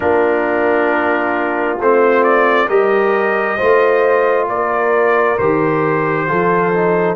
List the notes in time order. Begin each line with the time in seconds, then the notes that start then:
0.00 A#3 D4 F4 A#4
1.79 A3 C4 C5
2.23 D5
2.67 G3 G4 A#4 D#5
3.57 A3 F4 C5
4.48 A#3 A#4 D5
5.37 D#3 G4 C5
6.27 F3 F4 A4
6.72 D#4